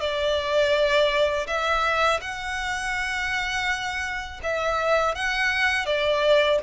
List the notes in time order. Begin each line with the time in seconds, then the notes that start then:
0.00 D5
1.47 E5
2.21 F#5
4.43 E5
5.15 F#5
5.86 D5